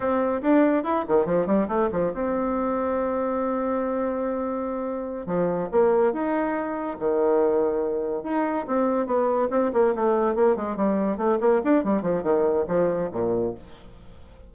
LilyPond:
\new Staff \with { instrumentName = "bassoon" } { \time 4/4 \tempo 4 = 142 c'4 d'4 e'8 dis8 f8 g8 | a8 f8 c'2.~ | c'1~ | c'8 f4 ais4 dis'4.~ |
dis'8 dis2. dis'8~ | dis'8 c'4 b4 c'8 ais8 a8~ | a8 ais8 gis8 g4 a8 ais8 d'8 | g8 f8 dis4 f4 ais,4 | }